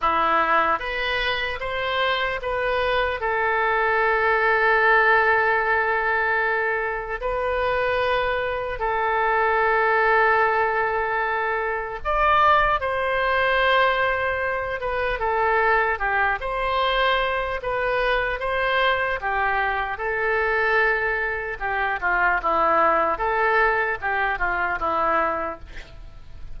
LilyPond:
\new Staff \with { instrumentName = "oboe" } { \time 4/4 \tempo 4 = 75 e'4 b'4 c''4 b'4 | a'1~ | a'4 b'2 a'4~ | a'2. d''4 |
c''2~ c''8 b'8 a'4 | g'8 c''4. b'4 c''4 | g'4 a'2 g'8 f'8 | e'4 a'4 g'8 f'8 e'4 | }